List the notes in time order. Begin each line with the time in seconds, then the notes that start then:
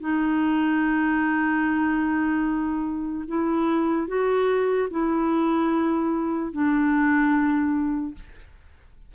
0.00 D#4
3.27 E4
4.07 F#4
4.90 E4
6.52 D4